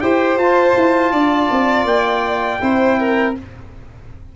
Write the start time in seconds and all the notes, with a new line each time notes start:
0.00 E4 G4 C5 G5
0.37 F4 A5
0.76 E4
1.12 D4 D5
1.50 C4
1.84 A#3 G5
2.60 C4 E4 C5
2.99 A#4